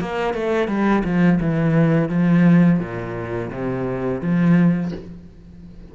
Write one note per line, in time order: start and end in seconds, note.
0.00 0.34 A#3
0.34 0.68 A3
0.68 1.03 G3
1.04 1.39 F3
1.41 2.09 E3
2.09 2.79 F3
2.79 3.50 A#2
3.51 4.21 C3
4.21 4.92 F3